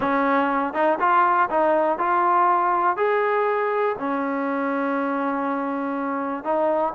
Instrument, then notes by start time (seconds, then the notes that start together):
trombone
0.00 C#4
0.73 D#4
0.99 F4
1.49 D#4
1.98 F4
2.97 G#4
3.98 C#4
6.43 D#4